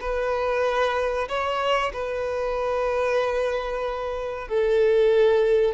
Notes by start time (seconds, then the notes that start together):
0.00 B4
1.28 C#5
1.93 B4
4.48 A4